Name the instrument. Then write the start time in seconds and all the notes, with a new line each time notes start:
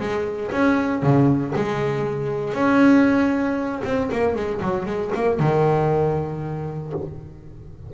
double bass
0.00 G#3
0.52 C#4
1.03 C#3
1.56 G#3
2.54 C#4
3.84 C4
4.12 A#3
4.35 G#3
4.61 F#3
4.86 G#3
5.15 A#3
5.39 D#3